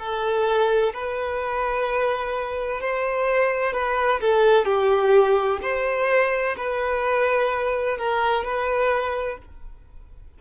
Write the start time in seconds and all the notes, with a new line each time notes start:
0.00 A4
0.94 B4
2.81 C5
3.74 B4
4.21 A4
4.66 G4
5.62 C5
6.58 B4
7.99 A#4
8.45 B4